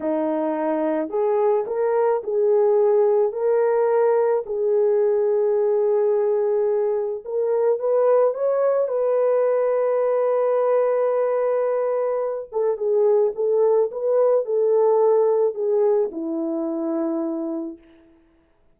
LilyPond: \new Staff \with { instrumentName = "horn" } { \time 4/4 \tempo 4 = 108 dis'2 gis'4 ais'4 | gis'2 ais'2 | gis'1~ | gis'4 ais'4 b'4 cis''4 |
b'1~ | b'2~ b'8 a'8 gis'4 | a'4 b'4 a'2 | gis'4 e'2. | }